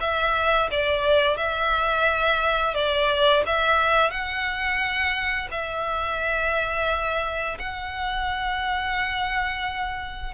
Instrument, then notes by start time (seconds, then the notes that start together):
violin
0.00 E5
0.71 D5
1.36 E5
2.74 D5
3.46 E5
4.10 F#5
5.50 E5
7.58 F#5